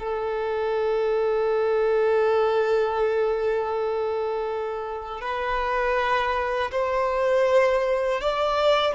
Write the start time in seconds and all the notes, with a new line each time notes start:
0.00 A4
5.22 B4
6.72 C5
8.22 D5